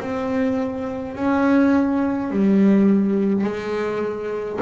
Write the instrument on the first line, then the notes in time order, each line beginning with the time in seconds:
double bass
0.00 C4
1.15 C#4
2.30 G3
3.44 G#3